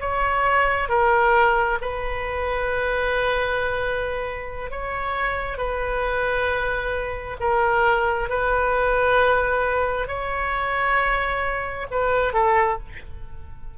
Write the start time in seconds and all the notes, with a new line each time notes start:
0.00 C#5
0.89 A#4
1.81 B4
4.71 C#5
5.58 B4
7.40 A#4
8.29 B4
10.08 C#5
11.91 B4
12.33 A4